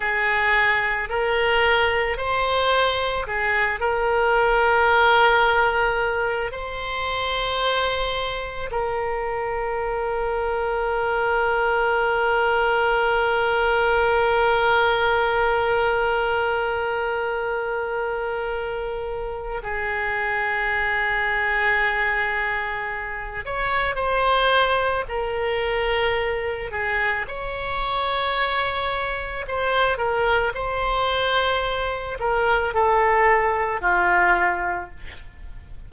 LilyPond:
\new Staff \with { instrumentName = "oboe" } { \time 4/4 \tempo 4 = 55 gis'4 ais'4 c''4 gis'8 ais'8~ | ais'2 c''2 | ais'1~ | ais'1~ |
ais'2 gis'2~ | gis'4. cis''8 c''4 ais'4~ | ais'8 gis'8 cis''2 c''8 ais'8 | c''4. ais'8 a'4 f'4 | }